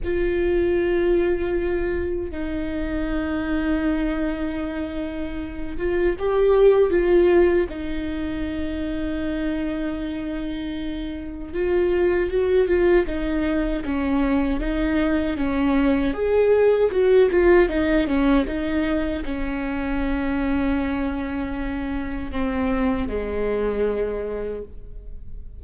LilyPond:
\new Staff \with { instrumentName = "viola" } { \time 4/4 \tempo 4 = 78 f'2. dis'4~ | dis'2.~ dis'8 f'8 | g'4 f'4 dis'2~ | dis'2. f'4 |
fis'8 f'8 dis'4 cis'4 dis'4 | cis'4 gis'4 fis'8 f'8 dis'8 cis'8 | dis'4 cis'2.~ | cis'4 c'4 gis2 | }